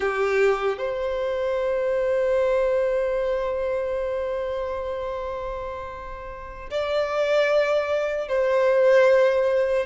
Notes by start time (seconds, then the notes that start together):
0.00 G4
0.78 C5
6.70 D5
8.28 C5